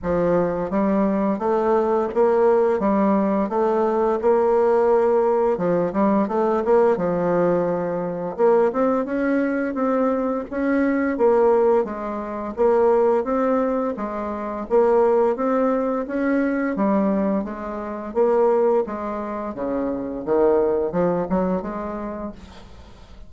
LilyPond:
\new Staff \with { instrumentName = "bassoon" } { \time 4/4 \tempo 4 = 86 f4 g4 a4 ais4 | g4 a4 ais2 | f8 g8 a8 ais8 f2 | ais8 c'8 cis'4 c'4 cis'4 |
ais4 gis4 ais4 c'4 | gis4 ais4 c'4 cis'4 | g4 gis4 ais4 gis4 | cis4 dis4 f8 fis8 gis4 | }